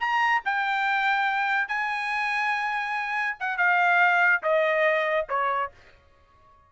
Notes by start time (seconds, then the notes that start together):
0.00 A#5
0.45 G5
1.68 G#5
3.39 F#5
3.57 F5
4.43 D#5
5.29 C#5